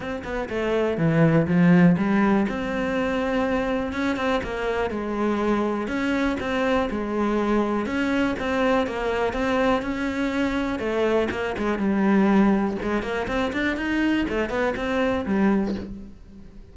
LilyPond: \new Staff \with { instrumentName = "cello" } { \time 4/4 \tempo 4 = 122 c'8 b8 a4 e4 f4 | g4 c'2. | cis'8 c'8 ais4 gis2 | cis'4 c'4 gis2 |
cis'4 c'4 ais4 c'4 | cis'2 a4 ais8 gis8 | g2 gis8 ais8 c'8 d'8 | dis'4 a8 b8 c'4 g4 | }